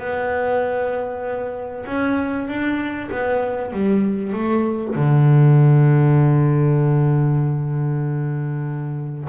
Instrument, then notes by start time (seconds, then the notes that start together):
double bass
0.00 B3
1.86 C#4
2.48 D4
3.12 B3
3.73 G3
4.33 A3
4.96 D3